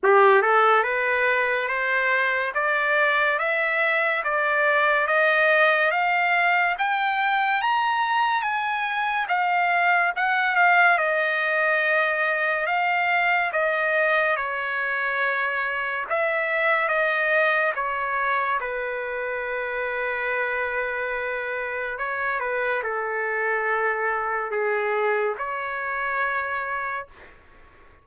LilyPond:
\new Staff \with { instrumentName = "trumpet" } { \time 4/4 \tempo 4 = 71 g'8 a'8 b'4 c''4 d''4 | e''4 d''4 dis''4 f''4 | g''4 ais''4 gis''4 f''4 | fis''8 f''8 dis''2 f''4 |
dis''4 cis''2 e''4 | dis''4 cis''4 b'2~ | b'2 cis''8 b'8 a'4~ | a'4 gis'4 cis''2 | }